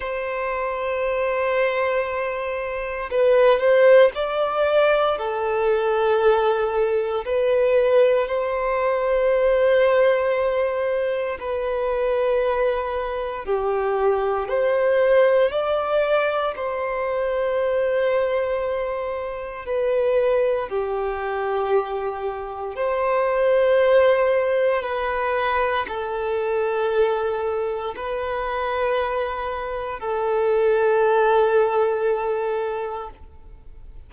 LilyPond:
\new Staff \with { instrumentName = "violin" } { \time 4/4 \tempo 4 = 58 c''2. b'8 c''8 | d''4 a'2 b'4 | c''2. b'4~ | b'4 g'4 c''4 d''4 |
c''2. b'4 | g'2 c''2 | b'4 a'2 b'4~ | b'4 a'2. | }